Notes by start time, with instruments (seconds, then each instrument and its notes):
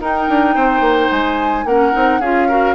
0.00 bassoon D#4, clarinet D#4, oboe A#4, flute G5
0.29 bassoon D4
0.55 bassoon C4, oboe C5
0.80 bassoon A#3
1.11 bassoon G#3, flute G#5
1.65 bassoon A#3, clarinet C#4, oboe A#4, flute F#5
1.92 bassoon C4, clarinet D#4
2.20 bassoon C#4, clarinet F4, oboe G#4, flute F5
2.48 clarinet F#4, oboe A#4